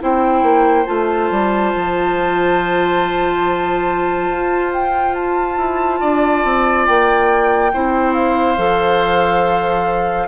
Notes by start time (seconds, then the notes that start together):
0.00 C4 E4 C5 G5
0.43 A#3
0.86 A3 F4 A5
1.31 G3
1.75 F3
4.29 F4
4.73 G5
5.15 A5
5.57 E4
6.01 D4 D5
6.45 C4
6.86 A#3 G5
7.74 C4 E4 C5
8.14 F5
8.58 F3 A4